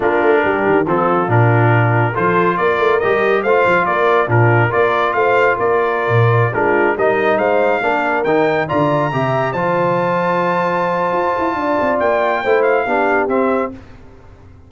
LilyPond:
<<
  \new Staff \with { instrumentName = "trumpet" } { \time 4/4 \tempo 4 = 140 ais'2 a'4 ais'4~ | ais'4 c''4 d''4 dis''4 | f''4 d''4 ais'4 d''4 | f''4 d''2~ d''16 ais'8.~ |
ais'16 dis''4 f''2 g''8.~ | g''16 ais''2 a''4.~ a''16~ | a''1 | g''4. f''4. e''4 | }
  \new Staff \with { instrumentName = "horn" } { \time 4/4 f'4 g'4 f'2~ | f'4 a'4 ais'2 | c''4 ais'4 f'4 ais'4 | c''4 ais'2~ ais'16 f'8.~ |
f'16 ais'4 c''4 ais'4.~ ais'16~ | ais'16 d''4 e''4 c''4.~ c''16~ | c''2. d''4~ | d''4 c''4 g'2 | }
  \new Staff \with { instrumentName = "trombone" } { \time 4/4 d'2 c'4 d'4~ | d'4 f'2 g'4 | f'2 d'4 f'4~ | f'2.~ f'16 d'8.~ |
d'16 dis'2 d'4 dis'8.~ | dis'16 f'4 g'4 f'4.~ f'16~ | f'1~ | f'4 e'4 d'4 c'4 | }
  \new Staff \with { instrumentName = "tuba" } { \time 4/4 ais8 a8 g8 dis8 f4 ais,4~ | ais,4 f4 ais8 a8 g4 | a8 f8 ais4 ais,4 ais4 | a4 ais4~ ais16 ais,4 gis8.~ |
gis16 g4 gis4 ais4 dis8.~ | dis16 d4 c4 f4.~ f16~ | f2 f'8 e'8 d'8 c'8 | ais4 a4 b4 c'4 | }
>>